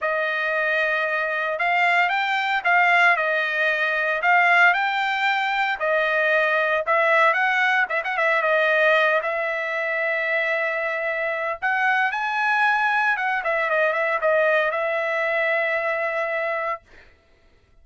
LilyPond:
\new Staff \with { instrumentName = "trumpet" } { \time 4/4 \tempo 4 = 114 dis''2. f''4 | g''4 f''4 dis''2 | f''4 g''2 dis''4~ | dis''4 e''4 fis''4 e''16 fis''16 e''8 |
dis''4. e''2~ e''8~ | e''2 fis''4 gis''4~ | gis''4 fis''8 e''8 dis''8 e''8 dis''4 | e''1 | }